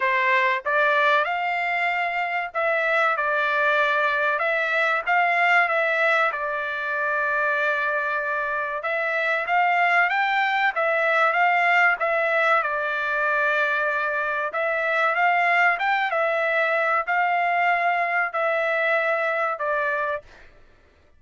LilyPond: \new Staff \with { instrumentName = "trumpet" } { \time 4/4 \tempo 4 = 95 c''4 d''4 f''2 | e''4 d''2 e''4 | f''4 e''4 d''2~ | d''2 e''4 f''4 |
g''4 e''4 f''4 e''4 | d''2. e''4 | f''4 g''8 e''4. f''4~ | f''4 e''2 d''4 | }